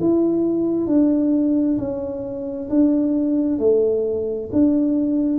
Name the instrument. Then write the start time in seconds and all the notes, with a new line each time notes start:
tuba
0.00 E4
0.86 D4
1.78 C#4
2.69 D4
3.59 A3
4.52 D4